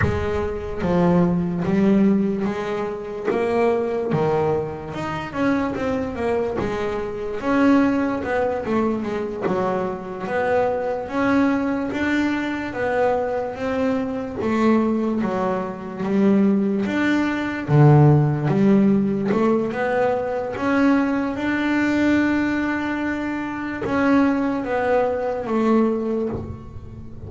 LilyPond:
\new Staff \with { instrumentName = "double bass" } { \time 4/4 \tempo 4 = 73 gis4 f4 g4 gis4 | ais4 dis4 dis'8 cis'8 c'8 ais8 | gis4 cis'4 b8 a8 gis8 fis8~ | fis8 b4 cis'4 d'4 b8~ |
b8 c'4 a4 fis4 g8~ | g8 d'4 d4 g4 a8 | b4 cis'4 d'2~ | d'4 cis'4 b4 a4 | }